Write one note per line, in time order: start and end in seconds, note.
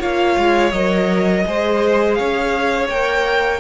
0.00 0.37 A#3
0.00 0.72 F4
0.00 1.45 C#5
0.00 0.72 F5
0.38 0.72 G#3
0.72 1.45 F#3
0.72 1.46 A#4
0.72 2.14 D#5
1.46 2.20 G#3
1.46 2.90 G#4
1.46 2.18 C5
2.14 2.89 C#4
2.14 3.60 C#5
2.14 2.87 F5
2.89 3.60 A#3
2.89 3.60 A#4
2.89 3.60 G5